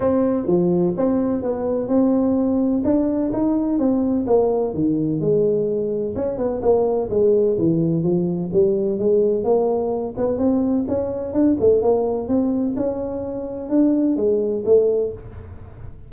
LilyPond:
\new Staff \with { instrumentName = "tuba" } { \time 4/4 \tempo 4 = 127 c'4 f4 c'4 b4 | c'2 d'4 dis'4 | c'4 ais4 dis4 gis4~ | gis4 cis'8 b8 ais4 gis4 |
e4 f4 g4 gis4 | ais4. b8 c'4 cis'4 | d'8 a8 ais4 c'4 cis'4~ | cis'4 d'4 gis4 a4 | }